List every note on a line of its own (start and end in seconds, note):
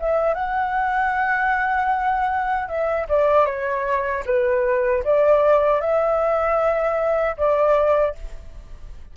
0.00 0.34 E5
0.34 2.68 F#5
2.68 3.07 E5
3.09 3.46 D5
3.46 4.24 C#5
4.26 5.04 B4
5.04 5.81 D5
5.81 7.36 E5
7.37 8.15 D5